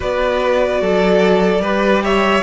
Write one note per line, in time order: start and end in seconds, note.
0.00 0.81 B3
0.00 1.61 F#4
0.00 0.81 B4
0.00 2.03 D5
0.81 1.59 F#3
0.81 1.61 A4
1.59 2.41 G3
1.59 2.42 G4
1.59 2.02 B4
2.03 2.42 C#5
2.03 2.42 E5